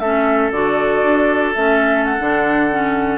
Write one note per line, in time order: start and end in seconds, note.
0.00 0.51 A3
0.00 0.53 C#4
0.00 3.19 A4
0.00 0.51 E5
0.52 1.03 D3
0.52 1.55 F#4
0.52 1.54 D5
1.03 1.55 D4
1.55 2.20 A3
1.55 2.20 C#4
1.55 2.05 E5
2.05 3.19 F#5
2.20 3.19 D3
2.20 2.71 D4
2.71 3.19 C#4